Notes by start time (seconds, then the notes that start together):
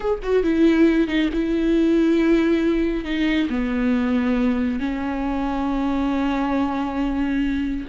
0.00 G#4
0.22 F#4
0.43 E4
1.07 D#4
1.33 E4
3.04 D#4
3.49 B3
4.79 C#4